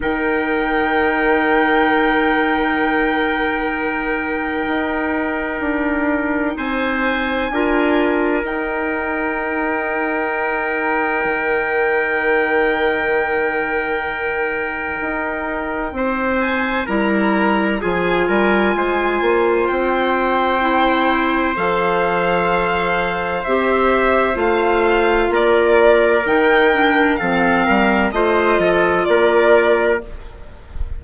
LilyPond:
<<
  \new Staff \with { instrumentName = "violin" } { \time 4/4 \tempo 4 = 64 g''1~ | g''2. gis''4~ | gis''4 g''2.~ | g''1~ |
g''4. gis''8 ais''4 gis''4~ | gis''4 g''2 f''4~ | f''4 e''4 f''4 d''4 | g''4 f''4 dis''4 d''4 | }
  \new Staff \with { instrumentName = "trumpet" } { \time 4/4 ais'1~ | ais'2. c''4 | ais'1~ | ais'1~ |
ais'4 c''4 ais'4 gis'8 ais'8 | c''1~ | c''2. ais'4~ | ais'4 a'8 ais'8 c''8 a'8 ais'4 | }
  \new Staff \with { instrumentName = "clarinet" } { \time 4/4 dis'1~ | dis'1 | f'4 dis'2.~ | dis'1~ |
dis'2 e'4 f'4~ | f'2 e'4 a'4~ | a'4 g'4 f'2 | dis'8 d'8 c'4 f'2 | }
  \new Staff \with { instrumentName = "bassoon" } { \time 4/4 dis1~ | dis4 dis'4 d'4 c'4 | d'4 dis'2. | dis1 |
dis'4 c'4 g4 f8 g8 | gis8 ais8 c'2 f4~ | f4 c'4 a4 ais4 | dis4 f8 g8 a8 f8 ais4 | }
>>